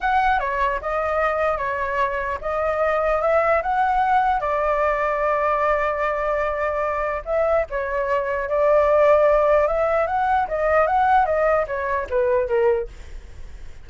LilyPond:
\new Staff \with { instrumentName = "flute" } { \time 4/4 \tempo 4 = 149 fis''4 cis''4 dis''2 | cis''2 dis''2 | e''4 fis''2 d''4~ | d''1~ |
d''2 e''4 cis''4~ | cis''4 d''2. | e''4 fis''4 dis''4 fis''4 | dis''4 cis''4 b'4 ais'4 | }